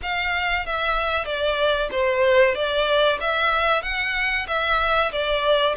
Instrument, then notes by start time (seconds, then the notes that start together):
violin
0.02 F5
0.66 E5
1.25 D5
1.91 C5
2.54 D5
3.20 E5
3.82 F#5
4.47 E5
5.12 D5